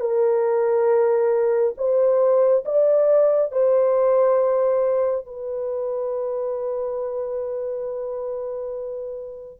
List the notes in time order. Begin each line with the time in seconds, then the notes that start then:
0.00 A#4
1.77 C5
2.64 D5
3.51 C5
5.25 B4